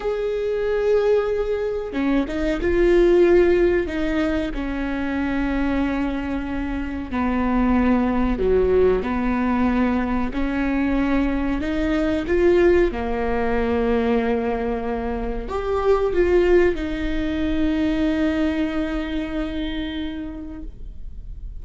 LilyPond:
\new Staff \with { instrumentName = "viola" } { \time 4/4 \tempo 4 = 93 gis'2. cis'8 dis'8 | f'2 dis'4 cis'4~ | cis'2. b4~ | b4 fis4 b2 |
cis'2 dis'4 f'4 | ais1 | g'4 f'4 dis'2~ | dis'1 | }